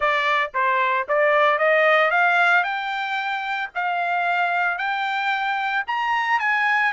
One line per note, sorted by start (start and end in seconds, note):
0.00 0.51 D5
0.54 1.07 C5
1.08 1.58 D5
1.58 2.10 D#5
2.10 2.63 F5
2.63 3.69 G5
3.74 4.77 F5
4.77 5.84 G5
5.87 6.39 A#5
6.39 6.92 G#5